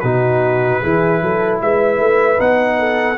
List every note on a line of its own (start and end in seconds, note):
0.00 0.82 B2
0.00 0.83 D#4
0.00 0.81 F#4
0.00 1.58 B4
0.81 1.22 E3
0.81 2.37 E4
0.81 1.21 G#4
1.22 1.61 F#3
1.22 1.62 A4
1.61 2.00 G#3
1.61 2.79 B4
1.61 2.40 E5
2.00 2.39 A3
2.37 3.17 B3
2.37 3.16 D#4
2.37 3.17 F#5
2.79 3.17 A4